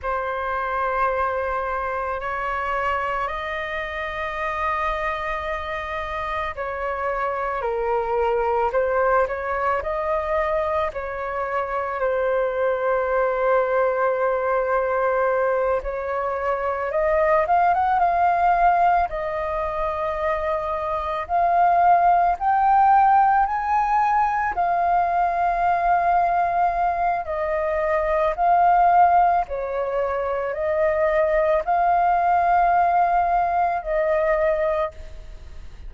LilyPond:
\new Staff \with { instrumentName = "flute" } { \time 4/4 \tempo 4 = 55 c''2 cis''4 dis''4~ | dis''2 cis''4 ais'4 | c''8 cis''8 dis''4 cis''4 c''4~ | c''2~ c''8 cis''4 dis''8 |
f''16 fis''16 f''4 dis''2 f''8~ | f''8 g''4 gis''4 f''4.~ | f''4 dis''4 f''4 cis''4 | dis''4 f''2 dis''4 | }